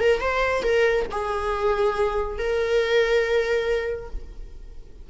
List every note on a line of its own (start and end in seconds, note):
0.00 0.20 A#4
0.20 0.63 C5
0.63 1.06 A#4
1.11 2.38 G#4
2.38 4.10 A#4